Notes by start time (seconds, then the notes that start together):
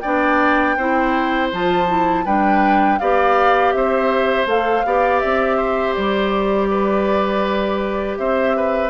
0.00 B3 D4 D5 G5
0.77 C4 E4 C5
1.53 F3 F4 A5
1.88 E4
2.25 G3 D4 B4 G5
2.99 B3 G4 D5 F5
3.72 C4 C5 E5
4.46 A3 A4 F5
4.85 B3 G4 D5
5.20 C4 E5
5.57 C5
5.94 G3 D5
6.71 B4
8.18 C4 C5 E5
8.56 B4